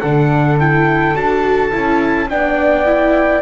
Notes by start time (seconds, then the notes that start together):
0.00 D3 D4 A4 F#5
0.60 E4 G5
1.15 D4 F#4 A5
1.72 C#4 E4
2.29 B3 D4 D5 G5
2.86 E4